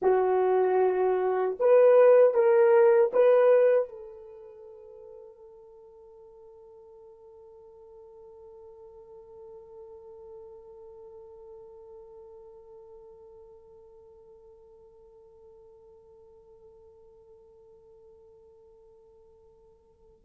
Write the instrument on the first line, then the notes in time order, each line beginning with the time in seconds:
horn
0.01 F#4
1.59 B4
2.33 A#4
3.13 B4
3.89 A4